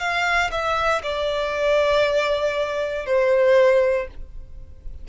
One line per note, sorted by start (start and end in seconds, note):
0.00 0.51 F5
0.51 1.02 E5
1.03 3.06 D5
3.06 4.08 C5